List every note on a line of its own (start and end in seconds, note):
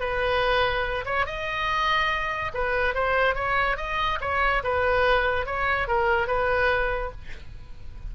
0.00 1.05 B4
1.06 1.26 C#5
1.26 2.52 D#5
2.54 2.94 B4
2.94 3.35 C5
3.35 3.77 C#5
3.77 4.19 D#5
4.21 4.63 C#5
4.64 5.46 B4
5.46 5.88 C#5
5.88 6.28 A#4
6.28 7.12 B4